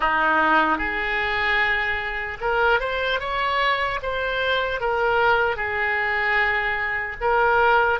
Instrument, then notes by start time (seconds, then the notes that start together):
oboe
0.00 D#4
0.78 G#4
2.40 A#4
2.80 C5
3.20 C#5
4.02 C5
4.80 A#4
5.56 G#4
7.20 A#4